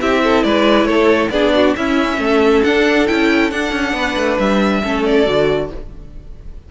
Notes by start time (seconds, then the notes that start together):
0.00 C4 E4 G4 E5
0.23 A4
0.43 G#3 B4 D5
0.84 A3 A4 C#5
1.30 B3 D4 G#4 D5
1.54 F#4
1.76 C#4 E4 E5
2.17 A3 A4
2.63 D4 F#5
3.07 C#4 E4 G5
3.50 D4 F#5
3.71 C#4
3.93 B3 B4
4.16 A3
4.38 G3 E5
4.81 A3 C#4 A4
5.05 D5
5.25 D3 F#4